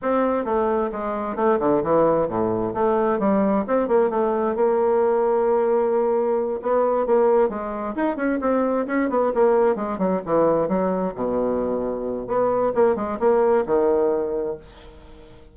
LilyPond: \new Staff \with { instrumentName = "bassoon" } { \time 4/4 \tempo 4 = 132 c'4 a4 gis4 a8 d8 | e4 a,4 a4 g4 | c'8 ais8 a4 ais2~ | ais2~ ais8 b4 ais8~ |
ais8 gis4 dis'8 cis'8 c'4 cis'8 | b8 ais4 gis8 fis8 e4 fis8~ | fis8 b,2~ b,8 b4 | ais8 gis8 ais4 dis2 | }